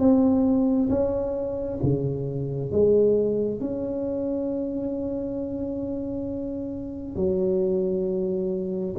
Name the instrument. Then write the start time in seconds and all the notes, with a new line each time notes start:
tuba
0.00 C4
0.90 C#4
1.84 C#3
2.72 G#3
3.61 C#4
7.16 F#3